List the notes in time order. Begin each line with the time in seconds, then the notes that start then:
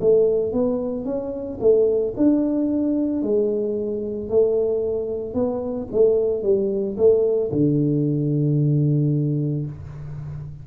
0.00 A3
0.52 B3
1.05 C#4
1.60 A3
2.17 D4
3.22 G#3
4.29 A3
5.34 B3
5.91 A3
6.42 G3
6.97 A3
7.51 D3